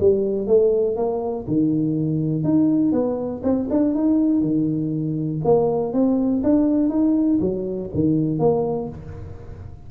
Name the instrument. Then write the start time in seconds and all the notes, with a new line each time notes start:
tuba
0.00 G3
0.47 A3
0.96 A#3
1.47 D#3
2.44 D#4
2.92 B3
3.43 C4
3.70 D4
3.94 D#4
4.41 D#3
5.44 A#3
5.93 C4
6.43 D4
6.89 D#4
7.40 F#3
7.94 D#3
8.39 A#3